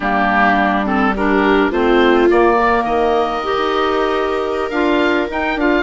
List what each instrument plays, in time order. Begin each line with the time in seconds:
0.00 bassoon G3, clarinet A#3, viola D4, oboe G4
0.85 clarinet C4, oboe A4
1.14 clarinet D4, viola G4, oboe A#4
1.70 bassoon A3, clarinet C4, viola F4, oboe C5
2.30 clarinet A#3, bassoon A#3, oboe D5
2.56 viola A#4
2.84 bassoon D#3, oboe D#5
3.43 clarinet G4
3.56 bassoon D#4
4.70 bassoon D4, clarinet F4, oboe F5
5.28 clarinet D#4, bassoon D#4, oboe G5
5.56 bassoon D4, clarinet F4, oboe F5